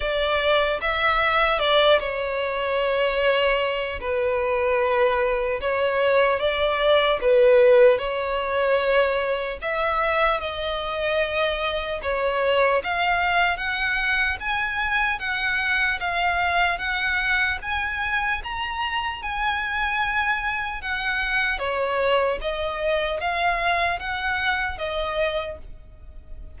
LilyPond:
\new Staff \with { instrumentName = "violin" } { \time 4/4 \tempo 4 = 75 d''4 e''4 d''8 cis''4.~ | cis''4 b'2 cis''4 | d''4 b'4 cis''2 | e''4 dis''2 cis''4 |
f''4 fis''4 gis''4 fis''4 | f''4 fis''4 gis''4 ais''4 | gis''2 fis''4 cis''4 | dis''4 f''4 fis''4 dis''4 | }